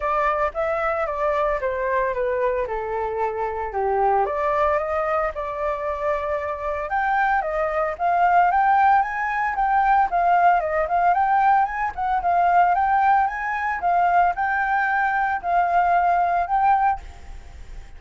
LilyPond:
\new Staff \with { instrumentName = "flute" } { \time 4/4 \tempo 4 = 113 d''4 e''4 d''4 c''4 | b'4 a'2 g'4 | d''4 dis''4 d''2~ | d''4 g''4 dis''4 f''4 |
g''4 gis''4 g''4 f''4 | dis''8 f''8 g''4 gis''8 fis''8 f''4 | g''4 gis''4 f''4 g''4~ | g''4 f''2 g''4 | }